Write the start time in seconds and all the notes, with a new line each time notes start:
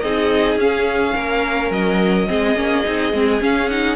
0.00 C4 D#4 G#4 D#5
0.56 C#4 F5
1.14 A#3 A#4
1.70 F#3 D#5
2.27 G#3 C4 G#4
2.55 A#3 C#4
2.84 C4 D#4
3.12 G#3 C4
3.40 C#4 F5
3.69 D#4 F#5